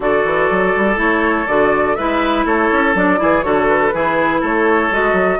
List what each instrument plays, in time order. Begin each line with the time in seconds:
0.00 bassoon D3, clarinet F#4, oboe A4, flute D5
0.25 bassoon E3
0.50 bassoon F#3
0.76 bassoon G3
0.96 bassoon A3, clarinet E4, flute C#5
1.47 bassoon D3, clarinet F#4, flute D5
1.95 bassoon G#3, clarinet E4, oboe B4, flute E5
2.45 bassoon A3, oboe A4, flute C#5
2.72 bassoon C#4
2.94 bassoon F#3, clarinet D4, flute D5
3.17 bassoon E3, clarinet E4, oboe G#4
3.42 bassoon D3, clarinet F#4, oboe A4, flute C#5
3.67 flute B4
3.93 bassoon E3, clarinet E4, oboe G#4
4.40 bassoon A3, oboe A4, flute C#5
4.90 bassoon G#3, clarinet F#4, flute D#5
5.12 bassoon F#3